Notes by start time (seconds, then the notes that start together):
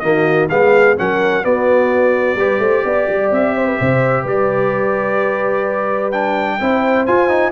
0.00 D#3 A#3 F#4 D#5
0.50 G#3 B3 G#4 F5
0.97 F#3 C#4 A#4 F#5
1.43 B3 F#4 D5
2.36 G3 G4 B4
2.59 A3 C5
2.85 B3 D5
3.09 G3
3.31 C4 E5
3.56 C5
3.67 B4
3.80 C3 C5
4.22 G3 B4 D5
6.12 D4 G5
6.60 C4 E4 C5
7.06 F4 G#5
7.29 D#4